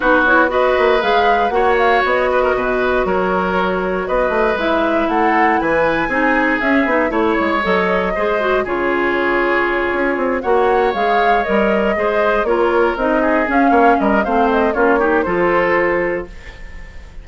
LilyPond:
<<
  \new Staff \with { instrumentName = "flute" } { \time 4/4 \tempo 4 = 118 b'8 cis''8 dis''4 f''4 fis''8 f''8 | dis''2 cis''2 | dis''4 e''4 fis''4 gis''4~ | gis''4 e''4 cis''4 dis''4~ |
dis''4 cis''2.~ | cis''8 fis''4 f''4 dis''4.~ | dis''8 cis''4 dis''4 f''4 dis''8 | f''8 dis''8 cis''4 c''2 | }
  \new Staff \with { instrumentName = "oboe" } { \time 4/4 fis'4 b'2 cis''4~ | cis''8 b'16 ais'16 b'4 ais'2 | b'2 a'4 b'4 | gis'2 cis''2 |
c''4 gis'2.~ | gis'8 cis''2. c''8~ | c''8 ais'4. gis'4 cis''8 ais'8 | c''4 f'8 g'8 a'2 | }
  \new Staff \with { instrumentName = "clarinet" } { \time 4/4 dis'8 e'8 fis'4 gis'4 fis'4~ | fis'1~ | fis'4 e'2. | dis'4 cis'8 dis'8 e'4 a'4 |
gis'8 fis'8 f'2.~ | f'8 fis'4 gis'4 ais'4 gis'8~ | gis'8 f'4 dis'4 cis'4. | c'4 cis'8 dis'8 f'2 | }
  \new Staff \with { instrumentName = "bassoon" } { \time 4/4 b4. ais8 gis4 ais4 | b4 b,4 fis2 | b8 a8 gis4 a4 e4 | c'4 cis'8 b8 a8 gis8 fis4 |
gis4 cis2~ cis8 cis'8 | c'8 ais4 gis4 g4 gis8~ | gis8 ais4 c'4 cis'8 ais8 g8 | a4 ais4 f2 | }
>>